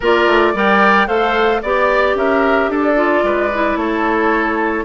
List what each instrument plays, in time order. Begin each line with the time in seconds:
0.00 bassoon A#3, clarinet F4, oboe A#4, flute D5
0.27 bassoon A3
0.54 bassoon G3, clarinet A#4, oboe D5, flute G5
1.07 bassoon A3, clarinet A4, oboe C5, flute F5
1.62 bassoon B3, clarinet G4, oboe D5, flute D5
2.15 bassoon C#4, oboe A#4, flute E5
2.68 bassoon D4, oboe A4, flute D5
2.95 clarinet F4
3.23 bassoon G#3, oboe B4
3.54 clarinet E4
3.76 bassoon A3, oboe A4, flute C#5